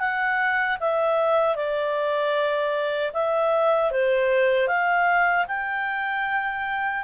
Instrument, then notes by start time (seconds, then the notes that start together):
clarinet
0.00 F#5
0.80 E5
1.56 D5
3.14 E5
3.92 C5
4.68 F5
5.48 G5